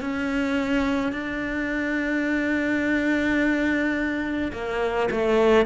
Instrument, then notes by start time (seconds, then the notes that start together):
cello
0.00 C#4
1.12 D4
4.52 A#3
5.11 A3